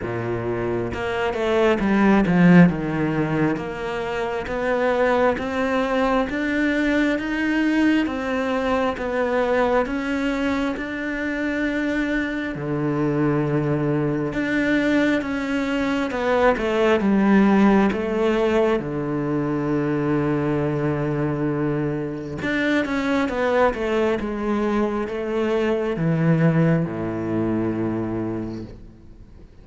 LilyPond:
\new Staff \with { instrumentName = "cello" } { \time 4/4 \tempo 4 = 67 ais,4 ais8 a8 g8 f8 dis4 | ais4 b4 c'4 d'4 | dis'4 c'4 b4 cis'4 | d'2 d2 |
d'4 cis'4 b8 a8 g4 | a4 d2.~ | d4 d'8 cis'8 b8 a8 gis4 | a4 e4 a,2 | }